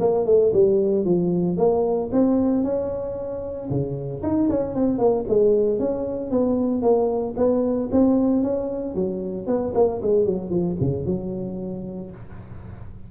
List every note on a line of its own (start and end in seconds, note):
0.00 0.26 A#3
0.26 0.52 A3
0.53 1.05 G3
1.05 1.57 F3
1.57 2.10 A#3
2.12 2.64 C4
2.64 3.69 C#4
3.70 4.22 C#3
4.22 4.49 D#4
4.50 4.75 C#4
4.75 4.99 C4
4.99 5.25 A#3
5.28 5.79 G#3
5.79 6.31 C#4
6.31 6.82 B3
6.82 7.34 A#3
7.37 7.89 B3
7.91 8.43 C4
8.43 8.95 C#4
8.95 9.47 F#3
9.47 9.73 B3
9.74 10.00 A#3
10.02 10.25 G#3
10.25 10.50 F#3
10.50 10.76 F3
10.80 11.06 C#3
11.06 12.11 F#3